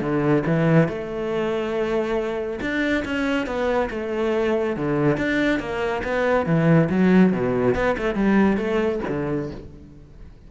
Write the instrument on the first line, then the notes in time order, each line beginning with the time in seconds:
cello
0.00 D3
0.46 E3
0.88 A3
2.61 D4
3.04 C#4
3.46 B3
3.90 A3
4.76 D3
5.17 D4
5.59 A#3
6.03 B3
6.46 E3
6.89 F#3
7.32 B2
7.75 B3
7.97 A3
8.15 G3
8.57 A3
9.08 D3